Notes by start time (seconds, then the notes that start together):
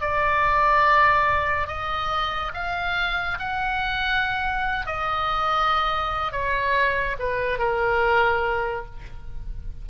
0.00 D5
1.67 D#5
2.54 F5
3.38 F#5
4.86 D#5
6.31 C#5
7.19 B4
7.58 A#4